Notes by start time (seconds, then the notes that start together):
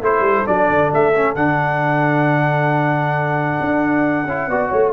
0.00 A3 E4 A4 C5
0.20 G3
0.46 F#3 D4 D5
0.70 D3
0.92 A3 E5
1.14 C#4
1.35 D3 D4 F#5
3.61 D4
4.25 C#4 E4
4.48 B3 F#4 D5
4.69 A3 C#5